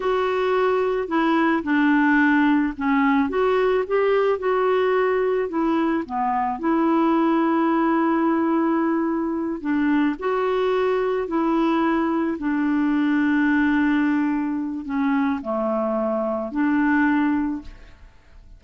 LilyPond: \new Staff \with { instrumentName = "clarinet" } { \time 4/4 \tempo 4 = 109 fis'2 e'4 d'4~ | d'4 cis'4 fis'4 g'4 | fis'2 e'4 b4 | e'1~ |
e'4. d'4 fis'4.~ | fis'8 e'2 d'4.~ | d'2. cis'4 | a2 d'2 | }